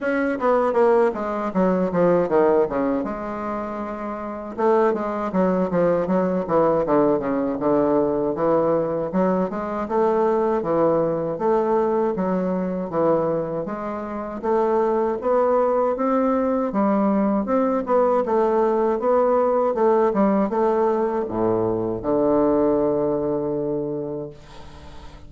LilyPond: \new Staff \with { instrumentName = "bassoon" } { \time 4/4 \tempo 4 = 79 cis'8 b8 ais8 gis8 fis8 f8 dis8 cis8 | gis2 a8 gis8 fis8 f8 | fis8 e8 d8 cis8 d4 e4 | fis8 gis8 a4 e4 a4 |
fis4 e4 gis4 a4 | b4 c'4 g4 c'8 b8 | a4 b4 a8 g8 a4 | a,4 d2. | }